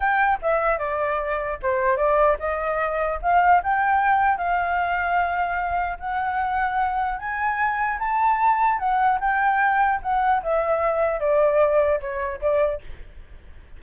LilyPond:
\new Staff \with { instrumentName = "flute" } { \time 4/4 \tempo 4 = 150 g''4 e''4 d''2 | c''4 d''4 dis''2 | f''4 g''2 f''4~ | f''2. fis''4~ |
fis''2 gis''2 | a''2 fis''4 g''4~ | g''4 fis''4 e''2 | d''2 cis''4 d''4 | }